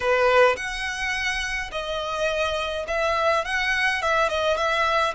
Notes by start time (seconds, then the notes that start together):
0.00 B4
0.56 F#5
1.71 D#5
2.87 E5
3.44 F#5
4.02 E5
4.29 D#5
4.56 E5